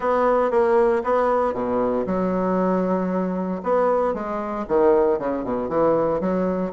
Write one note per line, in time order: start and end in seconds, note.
0.00 0.50 B3
0.50 1.02 A#3
1.03 1.53 B3
1.53 2.05 B2
2.06 3.61 F#3
3.63 4.14 B3
4.14 4.65 G#3
4.68 5.18 D#3
5.18 5.44 C#3
5.44 5.68 B2
5.68 6.20 E3
6.20 6.72 F#3